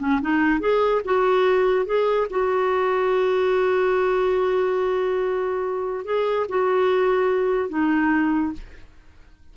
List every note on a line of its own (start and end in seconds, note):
0.00 0.21 C#4
0.22 0.60 D#4
0.60 1.02 G#4
1.05 1.86 F#4
1.86 2.27 G#4
2.30 6.05 F#4
6.05 6.47 G#4
6.49 7.70 F#4
7.70 8.53 D#4